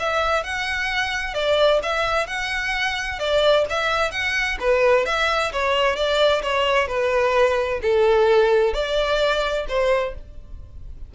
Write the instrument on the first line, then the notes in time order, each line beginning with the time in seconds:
violin
0.00 E5
0.44 F#5
1.34 D5
1.83 E5
2.27 F#5
3.20 D5
3.70 E5
4.12 F#5
4.60 B4
5.06 E5
5.53 C#5
5.96 D5
6.43 C#5
6.88 B4
7.83 A4
8.74 D5
9.69 C5